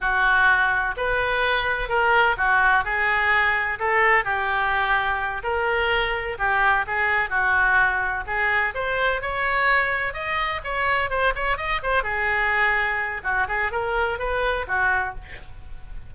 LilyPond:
\new Staff \with { instrumentName = "oboe" } { \time 4/4 \tempo 4 = 127 fis'2 b'2 | ais'4 fis'4 gis'2 | a'4 g'2~ g'8 ais'8~ | ais'4. g'4 gis'4 fis'8~ |
fis'4. gis'4 c''4 cis''8~ | cis''4. dis''4 cis''4 c''8 | cis''8 dis''8 c''8 gis'2~ gis'8 | fis'8 gis'8 ais'4 b'4 fis'4 | }